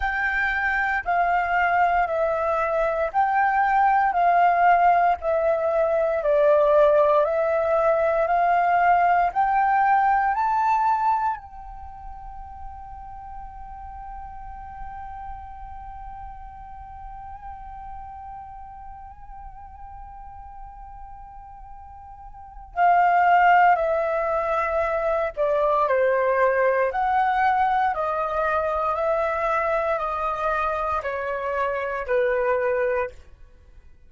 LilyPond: \new Staff \with { instrumentName = "flute" } { \time 4/4 \tempo 4 = 58 g''4 f''4 e''4 g''4 | f''4 e''4 d''4 e''4 | f''4 g''4 a''4 g''4~ | g''1~ |
g''1~ | g''2 f''4 e''4~ | e''8 d''8 c''4 fis''4 dis''4 | e''4 dis''4 cis''4 b'4 | }